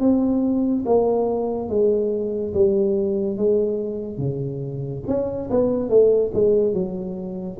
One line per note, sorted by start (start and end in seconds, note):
0.00 0.85 C4
0.86 1.69 A#3
1.69 2.54 G#3
2.54 3.37 G3
3.37 4.18 G#3
4.18 5.03 C#3
5.07 5.50 C#4
5.51 5.90 B3
5.90 6.32 A3
6.34 6.74 G#3
6.74 7.58 F#3